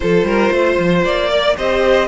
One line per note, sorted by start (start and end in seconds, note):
0.00 0.23 F3
0.00 1.30 F4
0.00 0.27 A4
0.00 1.04 C5
0.23 0.49 G3
0.23 0.52 A#4
0.51 0.77 A3
0.51 1.30 C5
0.78 1.04 F3
1.04 1.57 A#3
1.04 1.56 D5
1.30 1.56 A#4
1.30 1.56 D5
1.56 2.07 C4
1.56 2.07 G4
1.56 2.07 C5
1.56 2.07 D#5